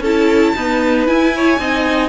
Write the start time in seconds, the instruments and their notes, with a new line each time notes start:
0.00 cello C#4, viola E4, violin A4 A5
0.56 viola B3, cello D#4, violin B4
1.06 viola E4, cello E4, violin G#5
1.36 violin C#5
1.59 cello C4, viola D#4, violin D#5